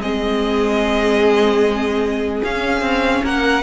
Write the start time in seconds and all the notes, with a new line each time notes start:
0.00 G#3 C4 G#4 D#5
2.44 C#4 F5
2.81 C4
3.23 A#3 A#4 F#5